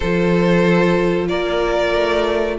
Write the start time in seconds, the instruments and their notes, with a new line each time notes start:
0.00 cello F3, viola F4, violin A4 C5
1.28 cello A#3, violin A#4 D5
1.94 cello A3